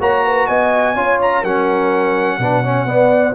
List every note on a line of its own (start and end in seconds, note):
0.00 0.48 A#3
0.00 0.96 F#4
0.00 0.24 C#5
0.00 0.47 A#5
0.25 0.47 B4
0.47 0.96 B3
0.47 0.94 D#5
0.47 1.19 G#5
0.94 1.43 C#4
0.94 1.44 F4
0.94 1.40 C#5
1.22 1.44 A#5
1.40 2.38 F#3
1.40 2.40 C#4
1.40 2.36 A#4
1.40 3.35 F#5
2.38 2.85 B2
2.38 2.64 D4
2.38 2.63 B4
2.63 2.87 C#4
2.63 2.87 C#5
2.85 3.33 B3
2.85 3.35 B3
2.85 3.35 D5